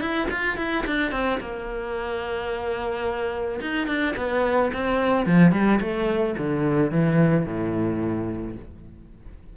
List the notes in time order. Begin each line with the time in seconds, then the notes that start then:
0.00 E4
0.30 F4
0.57 E4
0.86 D4
1.12 C4
1.40 A#3
3.61 D#4
3.87 D4
4.16 B3
4.73 C4
5.26 F3
5.52 G3
5.80 A3
6.38 D3
6.91 E3
7.46 A2